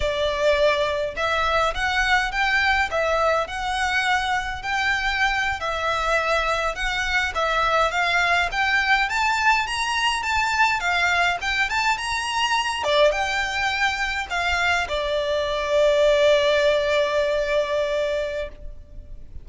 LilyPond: \new Staff \with { instrumentName = "violin" } { \time 4/4 \tempo 4 = 104 d''2 e''4 fis''4 | g''4 e''4 fis''2 | g''4.~ g''16 e''2 fis''16~ | fis''8. e''4 f''4 g''4 a''16~ |
a''8. ais''4 a''4 f''4 g''16~ | g''16 a''8 ais''4. d''8 g''4~ g''16~ | g''8. f''4 d''2~ d''16~ | d''1 | }